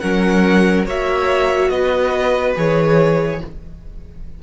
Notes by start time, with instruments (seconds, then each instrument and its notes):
0.00 cello F#3, viola C#4, violin A#4 F#5
0.86 cello A#3, viola F#4, violin C#5 E5
1.70 cello B3, violin B4 D#5
2.56 cello E3, viola G#4, violin C#5